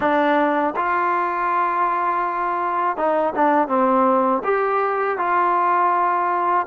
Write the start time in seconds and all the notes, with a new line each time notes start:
0.00 D4
0.76 F4
2.96 D#4
3.35 D4
3.68 C4
4.44 G4
5.18 F4